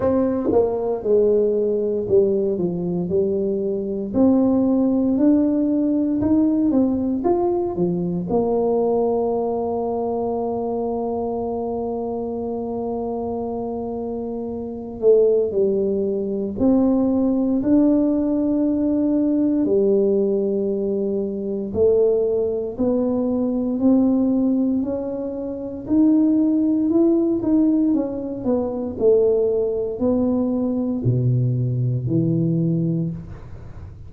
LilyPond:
\new Staff \with { instrumentName = "tuba" } { \time 4/4 \tempo 4 = 58 c'8 ais8 gis4 g8 f8 g4 | c'4 d'4 dis'8 c'8 f'8 f8 | ais1~ | ais2~ ais8 a8 g4 |
c'4 d'2 g4~ | g4 a4 b4 c'4 | cis'4 dis'4 e'8 dis'8 cis'8 b8 | a4 b4 b,4 e4 | }